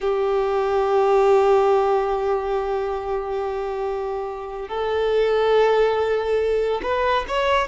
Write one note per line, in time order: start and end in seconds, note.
0.01 4.68 G4
4.68 6.81 A4
6.82 7.25 B4
7.28 7.67 C#5